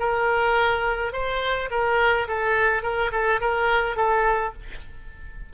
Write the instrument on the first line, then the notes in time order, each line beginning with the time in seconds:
oboe
0.00 A#4
1.13 C5
1.71 A#4
2.28 A4
2.83 A#4
3.12 A4
3.41 A#4
3.96 A4